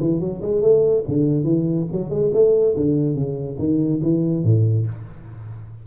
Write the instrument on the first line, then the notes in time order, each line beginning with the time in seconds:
tuba
0.00 E3
0.20 F#3
0.42 G#3
0.62 A3
1.08 D3
1.44 E3
1.92 F#3
2.10 G#3
2.34 A3
2.76 D3
3.15 C#3
3.59 D#3
4.03 E3
4.44 A2